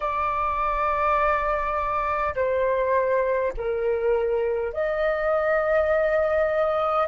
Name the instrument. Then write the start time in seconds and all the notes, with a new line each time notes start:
flute
0.00 D5
2.35 C5
3.57 A#4
4.73 D#5